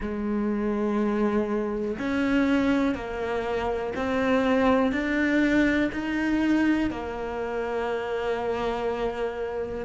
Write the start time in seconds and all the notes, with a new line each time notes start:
0.00 G#3
1.99 C#4
2.94 A#3
3.95 C4
4.92 D4
5.92 D#4
6.90 A#3